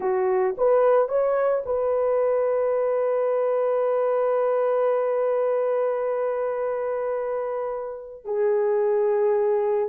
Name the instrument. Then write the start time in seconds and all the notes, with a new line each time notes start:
horn
0.00 F#4
0.57 B4
1.08 C#5
1.65 B4
8.24 G#4